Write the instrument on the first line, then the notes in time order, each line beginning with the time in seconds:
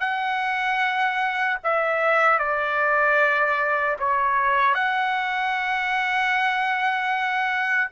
trumpet
0.00 F#5
1.64 E5
2.39 D5
3.99 C#5
4.74 F#5